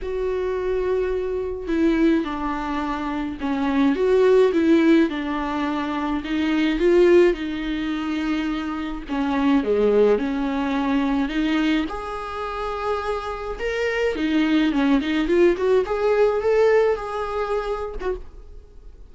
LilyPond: \new Staff \with { instrumentName = "viola" } { \time 4/4 \tempo 4 = 106 fis'2. e'4 | d'2 cis'4 fis'4 | e'4 d'2 dis'4 | f'4 dis'2. |
cis'4 gis4 cis'2 | dis'4 gis'2. | ais'4 dis'4 cis'8 dis'8 f'8 fis'8 | gis'4 a'4 gis'4.~ gis'16 fis'16 | }